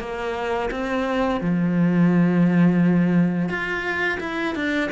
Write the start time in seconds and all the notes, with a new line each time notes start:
0.00 A#3
0.71 C4
1.41 F3
3.49 F4
4.21 E4
4.56 D4